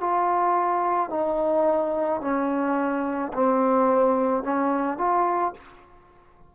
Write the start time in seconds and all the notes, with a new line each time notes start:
0.00 F4
1.10 D#4
2.21 C#4
3.33 C4
4.43 C#4
4.98 F4